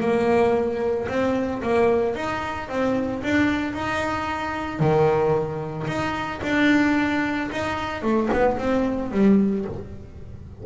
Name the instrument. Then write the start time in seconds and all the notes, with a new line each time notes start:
double bass
0.00 A#3
1.08 C4
1.62 A#3
2.15 D#4
2.68 C4
3.23 D4
3.73 D#4
4.79 D#3
5.87 D#4
6.42 D4
7.51 D#4
8.02 A3
8.33 B3
8.57 C4
9.11 G3